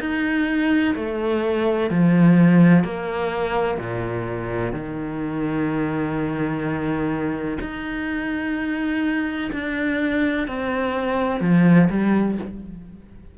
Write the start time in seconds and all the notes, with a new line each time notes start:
0.00 D#4
0.96 A3
1.90 F3
2.84 A#3
3.78 A#2
4.73 D#3
7.61 D#4
9.52 D4
10.48 C4
11.41 F3
11.90 G3